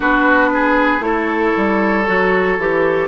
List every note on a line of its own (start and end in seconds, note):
0.00 0.99 B3
0.00 1.00 D4
0.00 0.49 F#4
0.00 1.02 B4
0.53 1.05 G#4
0.99 1.51 A3
0.99 2.03 E4
0.99 3.08 C#5
1.06 3.08 A4
1.56 2.08 G3
2.07 2.58 F#3
2.07 2.59 F#4
2.58 3.08 E3
2.58 3.08 G4